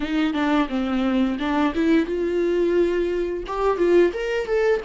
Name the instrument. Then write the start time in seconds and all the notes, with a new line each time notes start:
viola
0.00 D#4
0.33 D4
0.69 C4
1.39 D4
1.74 E4
2.06 F4
3.46 G4
3.77 F4
4.13 A#4
4.46 A4